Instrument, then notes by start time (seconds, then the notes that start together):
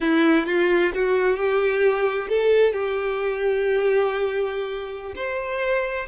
violin
0.00 E4
0.46 F4
0.94 F#4
1.36 G4
2.29 A4
2.73 G4
5.15 C5